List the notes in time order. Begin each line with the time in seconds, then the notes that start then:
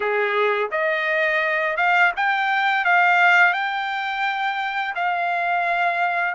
0.00 G#4
0.71 D#5
1.76 F5
2.16 G5
2.84 F5
3.53 G5
4.95 F5